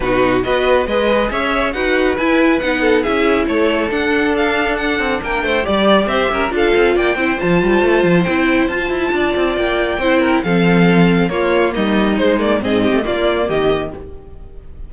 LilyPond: <<
  \new Staff \with { instrumentName = "violin" } { \time 4/4 \tempo 4 = 138 b'4 dis''4 b'4 e''4 | fis''4 gis''4 fis''4 e''4 | cis''4 fis''4 f''4 fis''4 | g''4 d''4 e''4 f''4 |
g''4 a''2 g''4 | a''2 g''2 | f''2 cis''4 dis''4 | c''8 d''8 dis''4 d''4 dis''4 | }
  \new Staff \with { instrumentName = "violin" } { \time 4/4 fis'4 b'4 dis''4 cis''4 | b'2~ b'8 a'8 gis'4 | a'1 | ais'8 c''8 d''4 c''8 ais'8 a'4 |
d''8 c''2.~ c''8~ | c''4 d''2 c''8 ais'8 | a'2 f'4 dis'4~ | dis'4 gis'8 g'8 f'4 g'4 | }
  \new Staff \with { instrumentName = "viola" } { \time 4/4 dis'4 fis'4 gis'2 | fis'4 e'4 dis'4 e'4~ | e'4 d'2.~ | d'4 g'2 f'4~ |
f'8 e'8 f'2 e'4 | f'2. e'4 | c'2 ais2 | gis8 ais8 c'4 ais2 | }
  \new Staff \with { instrumentName = "cello" } { \time 4/4 b,4 b4 gis4 cis'4 | dis'4 e'4 b4 cis'4 | a4 d'2~ d'8 c'8 | ais8 a8 g4 c'8 cis'8 d'8 c'8 |
ais8 c'8 f8 g8 a8 f8 c'4 | f'8 e'8 d'8 c'8 ais4 c'4 | f2 ais4 g4 | gis4 gis,8. a16 ais4 dis4 | }
>>